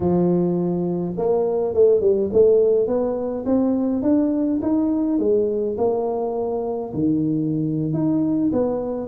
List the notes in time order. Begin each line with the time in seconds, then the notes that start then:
0.00 F3
1.17 A#3
1.74 A3
2.01 G3
2.33 A3
2.87 B3
3.45 C4
4.02 D4
4.62 D#4
5.18 G#3
5.77 A#3
6.93 D#3
7.93 D#4
8.52 B3